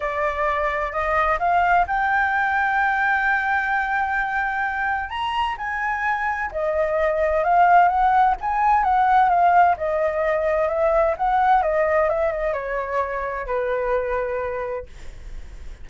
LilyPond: \new Staff \with { instrumentName = "flute" } { \time 4/4 \tempo 4 = 129 d''2 dis''4 f''4 | g''1~ | g''2. ais''4 | gis''2 dis''2 |
f''4 fis''4 gis''4 fis''4 | f''4 dis''2 e''4 | fis''4 dis''4 e''8 dis''8 cis''4~ | cis''4 b'2. | }